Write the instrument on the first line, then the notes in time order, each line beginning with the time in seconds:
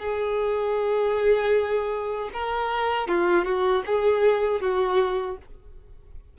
violin
0.00 G#4
2.34 A#4
3.08 F4
3.45 F#4
3.87 G#4
4.62 F#4